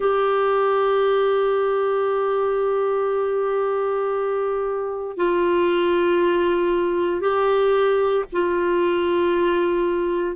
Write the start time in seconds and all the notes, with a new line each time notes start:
0.00 G4
5.16 F4
7.20 G4
8.32 F4